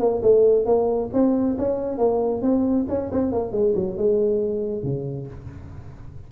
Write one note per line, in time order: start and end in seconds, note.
0.00 0.22 A#3
0.23 0.66 A3
0.66 1.10 A#3
1.14 1.58 C4
1.58 1.99 C#4
1.99 2.42 A#3
2.42 2.86 C4
2.89 3.11 C#4
3.12 3.32 C4
3.32 3.52 A#3
3.52 3.74 G#3
3.75 3.97 F#3
3.97 4.83 G#3
4.83 5.28 C#3